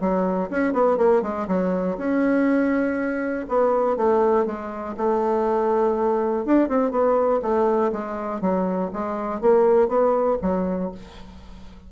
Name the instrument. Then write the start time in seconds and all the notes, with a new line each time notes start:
bassoon
0.00 F#3
0.50 C#4
0.73 B3
0.97 A#3
1.22 G#3
1.48 F#3
1.97 C#4
3.48 B3
3.97 A3
4.46 G#3
4.97 A3
6.45 D4
6.69 C4
6.91 B3
7.42 A3
7.92 G#3
8.41 F#3
8.93 G#3
9.41 A#3
9.88 B3
10.42 F#3